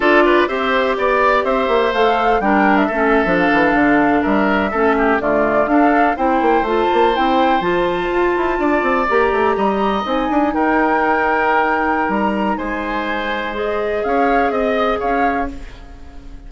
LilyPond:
<<
  \new Staff \with { instrumentName = "flute" } { \time 4/4 \tempo 4 = 124 d''4 e''4 d''4 e''4 | f''4 g''8. e''4~ e''16 f''4~ | f''8. e''2 d''4 f''16~ | f''8. g''4 a''4 g''4 a''16~ |
a''2~ a''8. ais''4~ ais''16~ | ais''8. gis''4 g''2~ g''16~ | g''4 ais''4 gis''2 | dis''4 f''4 dis''4 f''4 | }
  \new Staff \with { instrumentName = "oboe" } { \time 4/4 a'8 b'8 c''4 d''4 c''4~ | c''4 ais'4 a'2~ | a'8. ais'4 a'8 g'8 f'4 a'16~ | a'8. c''2.~ c''16~ |
c''4.~ c''16 d''2 dis''16~ | dis''4.~ dis''16 ais'2~ ais'16~ | ais'2 c''2~ | c''4 cis''4 dis''4 cis''4 | }
  \new Staff \with { instrumentName = "clarinet" } { \time 4/4 f'4 g'2. | a'4 d'4 cis'8. d'4~ d'16~ | d'4.~ d'16 cis'4 a4 d'16~ | d'8. e'4 f'4 e'4 f'16~ |
f'2~ f'8. g'4~ g'16~ | g'8. dis'2.~ dis'16~ | dis'1 | gis'1 | }
  \new Staff \with { instrumentName = "bassoon" } { \time 4/4 d'4 c'4 b4 c'8 ais8 | a4 g4 a8. f8 e8 d16~ | d8. g4 a4 d4 d'16~ | d'8. c'8 ais8 a8 ais8 c'4 f16~ |
f8. f'8 e'8 d'8 c'8 ais8 a8 g16~ | g8. c'8 d'8 dis'2~ dis'16~ | dis'4 g4 gis2~ | gis4 cis'4 c'4 cis'4 | }
>>